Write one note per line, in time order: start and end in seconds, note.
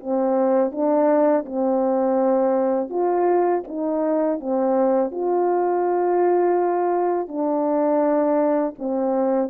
0.00 0.71 C4
0.71 1.44 D4
1.45 2.89 C4
2.89 3.63 F4
3.67 4.40 D#4
4.40 5.11 C4
5.11 7.28 F4
7.28 8.74 D4
8.78 9.49 C4